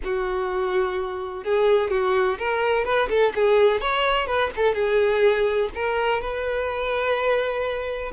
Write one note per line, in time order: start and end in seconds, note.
0.03 1.44 F#4
1.44 1.90 G#4
1.90 2.37 F#4
2.38 2.84 A#4
2.84 3.08 B4
3.09 3.33 A4
3.35 3.81 G#4
3.81 4.26 C#5
4.26 4.50 B4
4.56 4.74 A4
4.74 5.69 G#4
5.74 6.21 A#4
6.21 8.11 B4